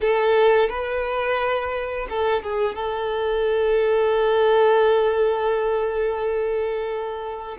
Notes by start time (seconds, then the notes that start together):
0.00 A4
0.69 B4
2.09 A4
2.42 G#4
2.75 A4